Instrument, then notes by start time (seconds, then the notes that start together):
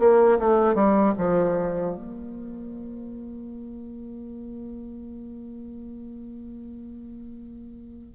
bassoon
0.00 A#3
0.39 A3
0.75 G3
1.19 F3
1.96 A#3